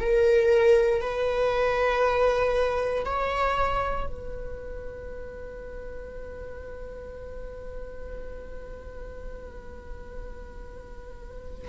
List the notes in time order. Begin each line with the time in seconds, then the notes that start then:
0.00 A#4
1.01 B4
3.05 C#5
4.07 B4